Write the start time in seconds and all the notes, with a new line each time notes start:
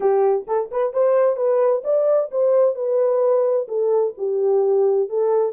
0.00 G4
0.47 A4
0.71 B4
0.93 C5
1.36 B4
1.84 D5
2.31 C5
2.75 B4
3.68 A4
4.17 G4
5.09 A4